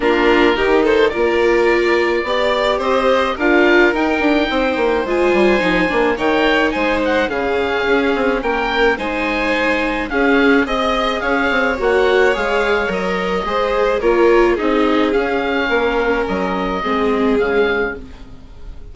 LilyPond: <<
  \new Staff \with { instrumentName = "oboe" } { \time 4/4 \tempo 4 = 107 ais'4. c''8 d''2~ | d''4 dis''4 f''4 g''4~ | g''4 gis''2 g''4 | gis''8 fis''8 f''2 g''4 |
gis''2 f''4 dis''4 | f''4 fis''4 f''4 dis''4~ | dis''4 cis''4 dis''4 f''4~ | f''4 dis''2 f''4 | }
  \new Staff \with { instrumentName = "violin" } { \time 4/4 f'4 g'8 a'8 ais'2 | d''4 c''4 ais'2 | c''2. cis''4 | c''4 gis'2 ais'4 |
c''2 gis'4 dis''4 | cis''1 | c''4 ais'4 gis'2 | ais'2 gis'2 | }
  \new Staff \with { instrumentName = "viola" } { \time 4/4 d'4 dis'4 f'2 | g'2 f'4 dis'4~ | dis'4 f'4 dis'8 d'8 dis'4~ | dis'4 cis'2. |
dis'2 cis'4 gis'4~ | gis'4 fis'4 gis'4 ais'4 | gis'4 f'4 dis'4 cis'4~ | cis'2 c'4 gis4 | }
  \new Staff \with { instrumentName = "bassoon" } { \time 4/4 ais4 dis4 ais2 | b4 c'4 d'4 dis'8 d'8 | c'8 ais8 gis8 g8 f8 ais8 dis4 | gis4 cis4 cis'8 c'8 ais4 |
gis2 cis'4 c'4 | cis'8 c'8 ais4 gis4 fis4 | gis4 ais4 c'4 cis'4 | ais4 fis4 gis4 cis4 | }
>>